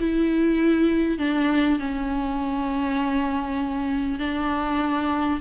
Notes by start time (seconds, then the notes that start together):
0.00 E4
1.18 D4
1.79 C#4
4.19 D4